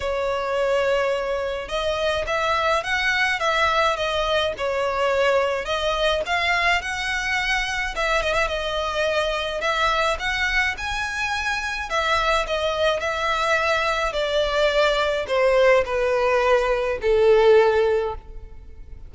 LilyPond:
\new Staff \with { instrumentName = "violin" } { \time 4/4 \tempo 4 = 106 cis''2. dis''4 | e''4 fis''4 e''4 dis''4 | cis''2 dis''4 f''4 | fis''2 e''8 dis''16 e''16 dis''4~ |
dis''4 e''4 fis''4 gis''4~ | gis''4 e''4 dis''4 e''4~ | e''4 d''2 c''4 | b'2 a'2 | }